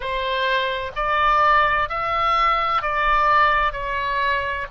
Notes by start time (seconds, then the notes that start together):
0.00 C5
0.95 D5
1.89 E5
2.82 D5
3.72 C#5